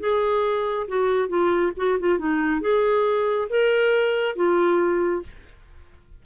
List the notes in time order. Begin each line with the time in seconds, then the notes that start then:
0.00 G#4
0.88 F#4
1.29 F4
1.77 F#4
1.99 F4
2.19 D#4
2.61 G#4
3.50 A#4
4.36 F4